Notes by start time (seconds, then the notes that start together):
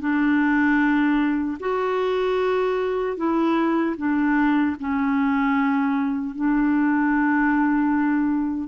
0.00 D4
1.60 F#4
3.17 E4
3.97 D4
4.80 C#4
6.36 D4